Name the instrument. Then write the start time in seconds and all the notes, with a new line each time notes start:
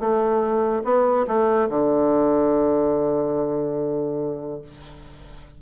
bassoon
0.00 A3
0.85 B3
1.27 A3
1.70 D3